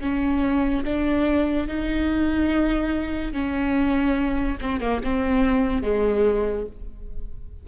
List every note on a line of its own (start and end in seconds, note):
0.00 0.83 C#4
0.84 1.67 D4
1.67 3.32 D#4
3.32 4.57 C#4
4.61 4.80 C4
4.80 5.01 A#3
5.03 5.82 C4
5.82 6.66 G#3